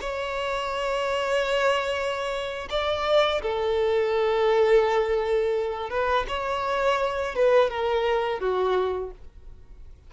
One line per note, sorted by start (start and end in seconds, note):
0.00 2.68 C#5
2.69 3.41 D5
3.42 5.90 A4
5.90 6.25 B4
6.28 7.35 C#5
7.35 7.69 B4
7.69 8.39 A#4
8.39 9.10 F#4